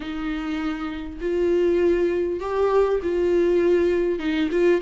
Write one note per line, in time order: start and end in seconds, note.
0.00 1.18 D#4
1.20 2.40 F4
2.40 3.00 G4
3.02 4.19 F4
4.19 4.49 D#4
4.51 4.81 F4